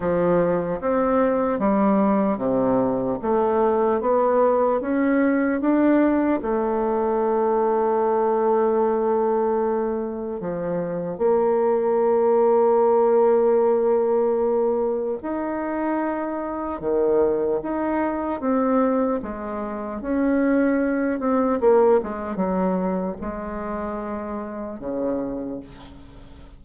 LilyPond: \new Staff \with { instrumentName = "bassoon" } { \time 4/4 \tempo 4 = 75 f4 c'4 g4 c4 | a4 b4 cis'4 d'4 | a1~ | a4 f4 ais2~ |
ais2. dis'4~ | dis'4 dis4 dis'4 c'4 | gis4 cis'4. c'8 ais8 gis8 | fis4 gis2 cis4 | }